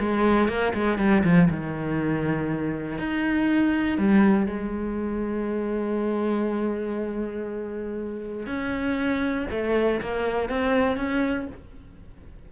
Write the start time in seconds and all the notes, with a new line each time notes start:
0.00 G#3
0.49 A#3
0.75 G#3
0.99 G3
1.24 F3
1.51 D#3
2.99 D#4
3.99 G3
4.47 G#3
8.47 C#4
9.51 A3
10.02 A#3
10.50 C4
10.97 C#4